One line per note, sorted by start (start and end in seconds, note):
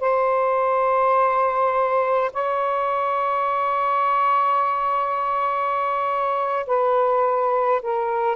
0.00 2.31 C5
2.33 6.66 C#5
6.66 7.81 B4
7.82 8.36 A#4